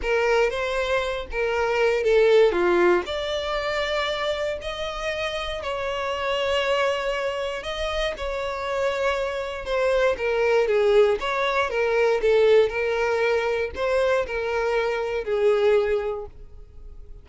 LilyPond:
\new Staff \with { instrumentName = "violin" } { \time 4/4 \tempo 4 = 118 ais'4 c''4. ais'4. | a'4 f'4 d''2~ | d''4 dis''2 cis''4~ | cis''2. dis''4 |
cis''2. c''4 | ais'4 gis'4 cis''4 ais'4 | a'4 ais'2 c''4 | ais'2 gis'2 | }